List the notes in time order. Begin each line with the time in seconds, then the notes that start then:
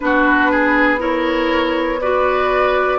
0.00 B3 D4 F#4 B4
0.51 G#4
0.98 E4 A#4 C#5
2.01 F#4 B4 D5